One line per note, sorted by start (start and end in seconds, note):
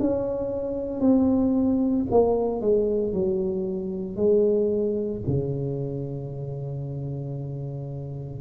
0.00 1.01 C#4
1.01 2.06 C4
2.11 2.62 A#3
2.62 3.13 G#3
3.13 4.17 F#3
4.17 5.22 G#3
5.27 8.42 C#3